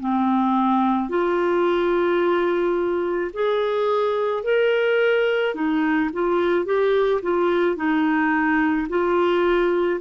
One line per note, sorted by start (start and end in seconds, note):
0.00 1.09 C4
1.09 3.31 F4
3.33 4.44 G#4
4.44 5.55 A#4
5.55 6.11 D#4
6.13 6.66 F4
6.66 7.21 G4
7.22 7.76 F4
7.76 8.87 D#4
8.89 10.01 F4